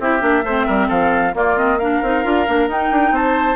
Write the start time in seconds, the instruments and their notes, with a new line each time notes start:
0.00 bassoon C4, clarinet E4, oboe G4, flute E5
0.21 bassoon A#3, clarinet D4
0.44 bassoon A3, clarinet C4, oboe C5
0.67 bassoon G3, oboe A#4
0.88 bassoon F3, oboe A4, flute F5
1.34 clarinet A#3, bassoon A#3, oboe F4, flute D5
1.56 clarinet C4, flute D#5
1.79 clarinet D4, oboe A#4, flute F5
2.03 bassoon C4, clarinet D#4
2.24 bassoon D4, clarinet F4
2.47 bassoon A#3, clarinet D4
2.68 bassoon D#4, clarinet D#4, flute G5
2.92 bassoon D4
3.12 bassoon C4, oboe C5, flute A5